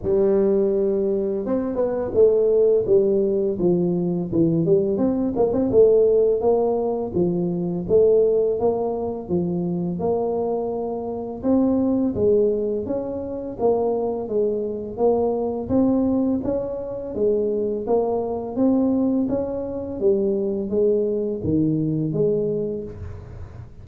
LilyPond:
\new Staff \with { instrumentName = "tuba" } { \time 4/4 \tempo 4 = 84 g2 c'8 b8 a4 | g4 f4 e8 g8 c'8 ais16 c'16 | a4 ais4 f4 a4 | ais4 f4 ais2 |
c'4 gis4 cis'4 ais4 | gis4 ais4 c'4 cis'4 | gis4 ais4 c'4 cis'4 | g4 gis4 dis4 gis4 | }